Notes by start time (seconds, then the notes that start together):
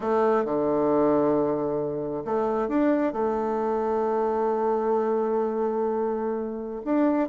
0.00 A3
0.44 D3
2.24 A3
2.68 D4
3.12 A3
6.84 D4